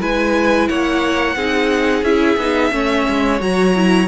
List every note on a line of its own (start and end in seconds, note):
0.00 0.69 G#3
0.00 1.36 E4
0.00 0.68 B4
0.00 0.68 G#5
0.68 1.36 A#3
0.68 1.36 C#5
0.68 2.04 F#5
1.36 2.02 C4
1.36 2.04 D#4
1.36 2.72 G#4
2.02 2.37 C#4
2.02 2.38 E4
2.02 3.40 E5
2.37 2.71 B3
2.37 2.72 D#4
2.72 3.06 A3
2.72 3.39 C#4
2.72 4.08 C#5
3.09 3.41 G#3
3.39 4.08 F#3
3.39 3.73 F#4
3.39 4.08 A#5
3.76 4.08 E4